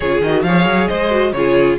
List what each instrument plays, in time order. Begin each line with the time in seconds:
0.00 cello C#3, viola F4, violin G#4 C#5
0.20 cello D#3, viola F#4, violin D#5
0.43 cello F3, viola G#4, violin C#5 F5
0.65 cello F#3
0.87 cello G#3, violin C5 D#5
1.10 viola F#4
1.32 cello C#3, viola F4, violin G#4 C#5